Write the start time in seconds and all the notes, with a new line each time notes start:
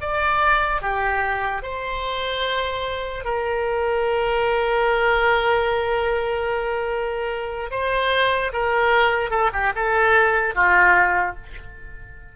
0.00 D5
0.81 G4
1.62 C5
3.24 A#4
7.71 C5
8.52 A#4
9.30 A4
9.52 G4
9.75 A4
10.54 F4